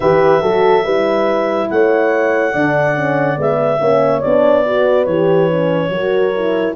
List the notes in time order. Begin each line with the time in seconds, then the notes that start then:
0.00 E3 G4 B4 E5
0.41 F#3 F#4 A4
0.84 G3 E4 B4
1.69 A3 C#5 F#5
2.52 D3 D4 D5
2.95 C#4
3.36 G#3 B3 E5
3.80 A#3 C#4 C#5
4.20 B3 D4 D5
4.65 F#4 B4
5.04 E3 G4 C#5
5.51 C#4
5.89 F#3 F#4 A#4
6.35 E4